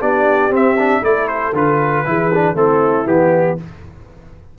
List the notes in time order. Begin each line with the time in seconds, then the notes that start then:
0.00 B3 D4 G4 D5
0.50 C4 E5
0.79 D4
1.03 A3 E4 A4 D5
1.28 C5
1.53 D3 F4 B4
2.06 E3 E4 G#4
2.34 D4
2.54 A3 C4 E4 A4
3.06 E3 B3 G4